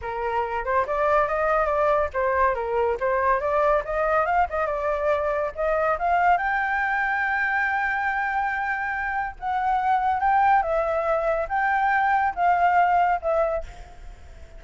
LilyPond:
\new Staff \with { instrumentName = "flute" } { \time 4/4 \tempo 4 = 141 ais'4. c''8 d''4 dis''4 | d''4 c''4 ais'4 c''4 | d''4 dis''4 f''8 dis''8 d''4~ | d''4 dis''4 f''4 g''4~ |
g''1~ | g''2 fis''2 | g''4 e''2 g''4~ | g''4 f''2 e''4 | }